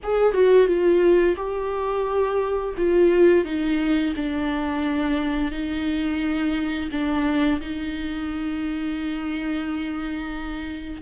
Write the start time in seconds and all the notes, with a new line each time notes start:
0.03 G#4
0.33 F#4
0.66 F4
1.36 G4
2.77 F4
3.44 D#4
4.16 D4
5.51 D#4
6.91 D4
7.61 D#4